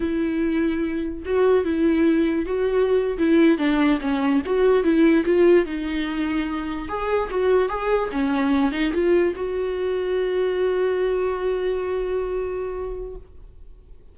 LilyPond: \new Staff \with { instrumentName = "viola" } { \time 4/4 \tempo 4 = 146 e'2. fis'4 | e'2 fis'4.~ fis'16 e'16~ | e'8. d'4 cis'4 fis'4 e'16~ | e'8. f'4 dis'2~ dis'16~ |
dis'8. gis'4 fis'4 gis'4 cis'16~ | cis'4~ cis'16 dis'8 f'4 fis'4~ fis'16~ | fis'1~ | fis'1 | }